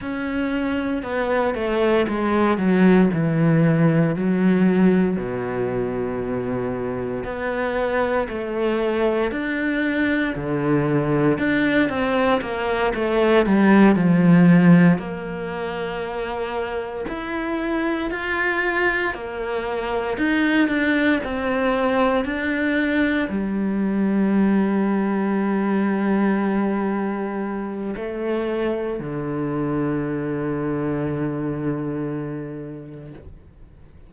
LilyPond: \new Staff \with { instrumentName = "cello" } { \time 4/4 \tempo 4 = 58 cis'4 b8 a8 gis8 fis8 e4 | fis4 b,2 b4 | a4 d'4 d4 d'8 c'8 | ais8 a8 g8 f4 ais4.~ |
ais8 e'4 f'4 ais4 dis'8 | d'8 c'4 d'4 g4.~ | g2. a4 | d1 | }